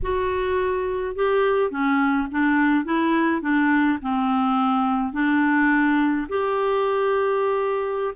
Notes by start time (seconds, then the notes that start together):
0.02 F#4
1.15 G4
1.70 C#4
2.31 D4
2.84 E4
3.41 D4
4.02 C4
5.12 D4
6.28 G4